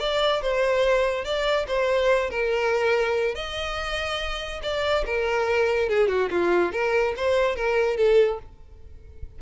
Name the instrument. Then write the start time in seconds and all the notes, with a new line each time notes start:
violin
0.00 D5
0.42 C5
1.25 D5
1.68 C5
2.30 A#4
3.35 D#5
4.63 D5
5.06 A#4
5.89 G#4
6.08 F#4
6.31 F4
6.72 A#4
7.17 C5
7.56 A#4
7.97 A4